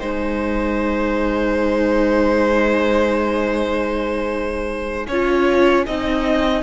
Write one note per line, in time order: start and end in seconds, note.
0.00 5.08 G#3
0.00 5.06 D#4
0.00 5.07 C5
0.00 6.63 G#5
5.08 5.86 C#4
5.08 5.86 F4
5.08 5.86 C#5
5.86 6.63 C4
5.86 6.63 D#4
5.86 6.63 D#5